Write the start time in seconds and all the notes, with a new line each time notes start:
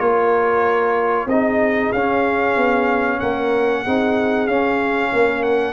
0.00 A#3 F4 A#4 C#5
1.26 C4 D#4 G#4 D#5
1.92 C#4 F5
2.56 B3
3.20 A#3 A#4 F#5
3.83 C4 D#4 G#4
4.47 C#4 F5
5.13 A#3 A#4
5.43 F#5